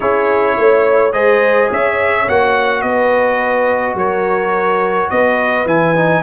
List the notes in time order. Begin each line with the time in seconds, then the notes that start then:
0.00 C#4 E4 G#4 C#5
0.57 A3 C#5
1.12 G#3 G#4 C5 D#5
1.69 C#4 C#5 E5
2.28 A#3 F#4 F#5
2.81 B3 B4 D#5
3.94 F#3 A#4 C#5
5.10 B3 B4 D#5
5.65 E3 E4 G#5
5.96 D#4